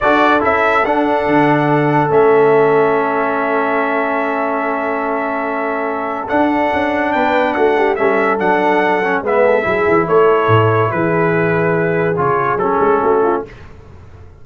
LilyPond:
<<
  \new Staff \with { instrumentName = "trumpet" } { \time 4/4 \tempo 4 = 143 d''4 e''4 fis''2~ | fis''4 e''2.~ | e''1~ | e''2. fis''4~ |
fis''4 g''4 fis''4 e''4 | fis''2 e''2 | cis''2 b'2~ | b'4 cis''4 a'2 | }
  \new Staff \with { instrumentName = "horn" } { \time 4/4 a'1~ | a'1~ | a'1~ | a'1~ |
a'4 b'4 fis'8 g'8 a'4~ | a'2 b'8 a'8 gis'4 | a'2 gis'2~ | gis'2. fis'8 f'8 | }
  \new Staff \with { instrumentName = "trombone" } { \time 4/4 fis'4 e'4 d'2~ | d'4 cis'2.~ | cis'1~ | cis'2. d'4~ |
d'2. cis'4 | d'4. cis'8 b4 e'4~ | e'1~ | e'4 f'4 cis'2 | }
  \new Staff \with { instrumentName = "tuba" } { \time 4/4 d'4 cis'4 d'4 d4~ | d4 a2.~ | a1~ | a2. d'4 |
cis'4 b4 a4 g4 | fis2 gis4 fis8 e8 | a4 a,4 e2~ | e4 cis4 fis8 gis8 a4 | }
>>